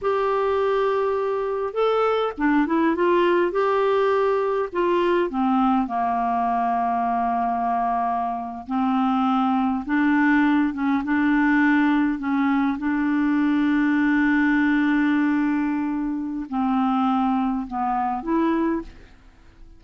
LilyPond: \new Staff \with { instrumentName = "clarinet" } { \time 4/4 \tempo 4 = 102 g'2. a'4 | d'8 e'8 f'4 g'2 | f'4 c'4 ais2~ | ais2~ ais8. c'4~ c'16~ |
c'8. d'4. cis'8 d'4~ d'16~ | d'8. cis'4 d'2~ d'16~ | d'1 | c'2 b4 e'4 | }